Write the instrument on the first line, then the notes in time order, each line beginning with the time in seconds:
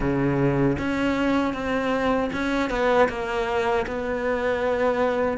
cello
0.00 C#3
0.78 C#4
1.53 C4
2.33 C#4
2.70 B3
3.08 A#3
3.86 B3